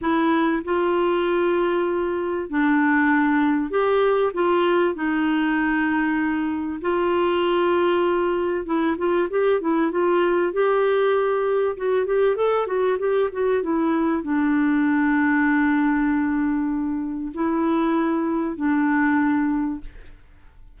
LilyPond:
\new Staff \with { instrumentName = "clarinet" } { \time 4/4 \tempo 4 = 97 e'4 f'2. | d'2 g'4 f'4 | dis'2. f'4~ | f'2 e'8 f'8 g'8 e'8 |
f'4 g'2 fis'8 g'8 | a'8 fis'8 g'8 fis'8 e'4 d'4~ | d'1 | e'2 d'2 | }